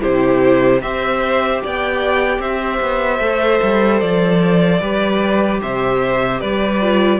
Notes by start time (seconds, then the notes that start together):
0.00 C3 E4 G4 C5
0.82 C4 G4 C5 E5
1.63 B3 D5 G5
2.39 C4 C5 E5
2.82 B3
3.19 A3 A4
3.63 G3
4.00 F3 D5
4.81 G3 G4 B4
5.62 C3 C5 E5
6.40 G3 B4 D5
6.82 F4